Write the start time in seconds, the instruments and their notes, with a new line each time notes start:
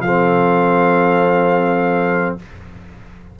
0.00 tuba F3, trombone C4, horn A4, trumpet F5